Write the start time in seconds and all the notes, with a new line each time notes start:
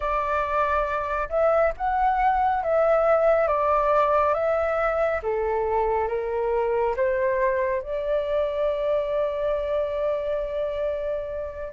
0.00 D5
1.29 E5
1.77 F#5
2.63 E5
3.47 D5
4.34 E5
5.23 A4
6.08 A#4
6.96 C5
7.82 D5